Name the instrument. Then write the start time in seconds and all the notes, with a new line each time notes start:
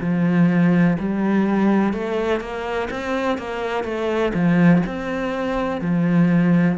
cello
0.00 F3
0.99 G3
1.93 A3
2.40 A#3
2.90 C4
3.38 A#3
3.84 A3
4.34 F3
4.87 C4
5.81 F3